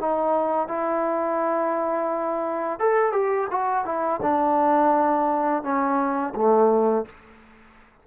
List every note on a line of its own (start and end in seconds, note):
0.00 0.67 D#4
0.67 2.79 E4
2.79 3.12 A4
3.12 3.47 G4
3.50 3.85 F#4
3.85 4.20 E4
4.22 5.63 D4
5.63 6.33 C#4
6.35 7.05 A3